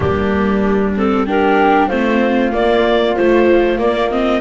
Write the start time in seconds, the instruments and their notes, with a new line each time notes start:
0.00 double bass G3, viola A#3, flute D4, clarinet G4
0.97 viola C4, clarinet A4
1.25 viola D4, flute G4, clarinet A#4
1.87 double bass A3, viola C4, flute F4, clarinet C5
2.51 viola A#3, double bass A#3, clarinet D5
3.16 viola F3, double bass A3, clarinet C5
3.78 viola A#3, double bass A#3, clarinet D5
4.10 viola C4, clarinet D#5